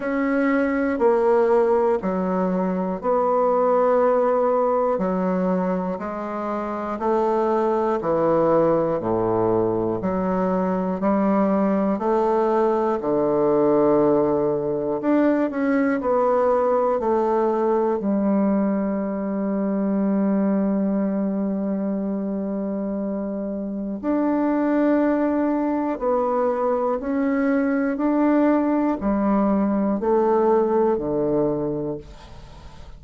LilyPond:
\new Staff \with { instrumentName = "bassoon" } { \time 4/4 \tempo 4 = 60 cis'4 ais4 fis4 b4~ | b4 fis4 gis4 a4 | e4 a,4 fis4 g4 | a4 d2 d'8 cis'8 |
b4 a4 g2~ | g1 | d'2 b4 cis'4 | d'4 g4 a4 d4 | }